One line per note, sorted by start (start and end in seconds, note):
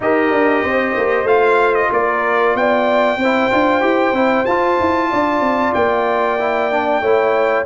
0.00 0.31 D#4
0.00 1.27 G4
0.00 0.63 A#4
0.00 1.27 D#5
0.31 0.62 D4
0.63 0.95 C4
0.63 1.91 C5
0.96 1.24 A#3
1.24 1.87 A3
1.24 3.18 F4
1.24 1.74 F5
1.74 1.90 D#5
1.91 2.54 A#3
1.91 2.57 A#4
1.91 2.56 D5
2.54 3.16 B3
2.54 3.19 D5
2.54 4.45 G5
3.16 3.48 C4
3.16 5.10 C5
3.24 3.51 E4
3.51 3.82 D4
3.51 3.81 F4
3.81 4.12 E4
3.81 4.13 G4
4.12 4.44 C4
4.12 4.45 E4
4.45 4.79 F4
4.45 6.39 F4
4.45 5.72 A5
4.80 5.12 E4
5.10 5.40 D4
5.10 7.01 D5
5.40 5.72 C4
5.74 7.01 A#3
5.74 7.65 G5
6.39 6.71 E4
6.71 7.03 D4
7.01 7.65 A3
7.01 7.65 E4
7.01 7.65 C#5